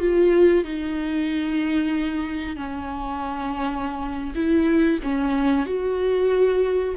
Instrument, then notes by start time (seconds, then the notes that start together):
viola
0.00 F4
0.64 D#4
2.56 C#4
4.35 E4
5.03 C#4
5.66 F#4